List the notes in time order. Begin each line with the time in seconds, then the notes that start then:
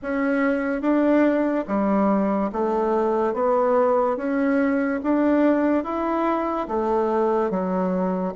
0.02 C#4
0.81 D4
1.67 G3
2.52 A3
3.33 B3
4.17 C#4
5.03 D4
5.83 E4
6.68 A3
7.50 F#3